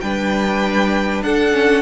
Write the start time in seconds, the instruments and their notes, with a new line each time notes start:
0.00 cello G3, viola D4, violin B4 G5
1.21 cello D4, violin A4 F#5
1.51 viola C#4